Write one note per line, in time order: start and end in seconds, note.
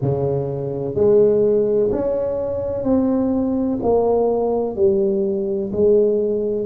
0.01 0.94 C#3
0.94 1.90 G#3
1.91 2.83 C#4
2.83 3.78 C4
3.82 4.76 A#3
4.76 5.71 G3
5.72 6.65 G#3